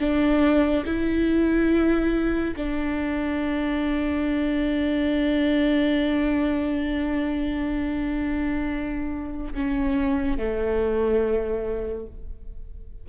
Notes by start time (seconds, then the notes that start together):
0.00 D4
0.86 E4
2.57 D4
9.54 C#4
10.38 A3